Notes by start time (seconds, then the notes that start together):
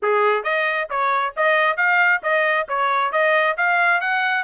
0.02 G#4
0.43 D#5
0.90 C#5
1.36 D#5
1.76 F5
2.22 D#5
2.68 C#5
3.12 D#5
3.57 F5
4.00 F#5